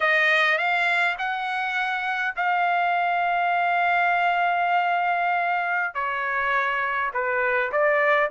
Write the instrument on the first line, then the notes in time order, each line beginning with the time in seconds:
trumpet
0.00 D#5
0.57 F5
1.18 F#5
2.35 F5
5.94 C#5
7.13 B4
7.72 D5